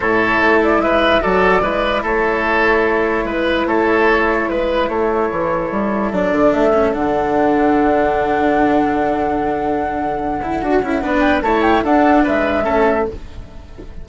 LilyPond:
<<
  \new Staff \with { instrumentName = "flute" } { \time 4/4 \tempo 4 = 147 cis''4. d''8 e''4 d''4~ | d''4 cis''2. | b'4 cis''2 b'4 | cis''2. d''4 |
e''4 fis''2.~ | fis''1~ | fis''2.~ fis''8 g''8 | a''8 g''8 fis''4 e''2 | }
  \new Staff \with { instrumentName = "oboe" } { \time 4/4 a'2 b'4 a'4 | b'4 a'2. | b'4 a'2 b'4 | a'1~ |
a'1~ | a'1~ | a'2. b'4 | cis''4 a'4 b'4 a'4 | }
  \new Staff \with { instrumentName = "cello" } { \time 4/4 e'2. fis'4 | e'1~ | e'1~ | e'2. d'4~ |
d'8 cis'8 d'2.~ | d'1~ | d'4. e'8 fis'8 e'8 d'4 | e'4 d'2 cis'4 | }
  \new Staff \with { instrumentName = "bassoon" } { \time 4/4 a,4 a4 gis4 fis4 | gis4 a2. | gis4 a2 gis4 | a4 e4 g4 fis8 d8 |
a4 d2.~ | d1~ | d2 d'8 cis'8 b4 | a4 d'4 gis4 a4 | }
>>